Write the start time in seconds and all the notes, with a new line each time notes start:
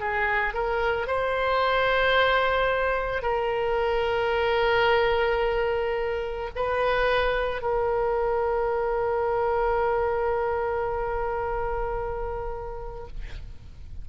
0.00 G#4
0.54 A#4
1.08 C5
3.23 A#4
6.56 B4
7.62 A#4